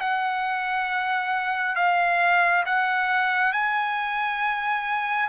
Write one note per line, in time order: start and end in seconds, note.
0.00 1.76 F#5
1.76 2.64 F5
2.65 3.52 F#5
3.52 5.29 G#5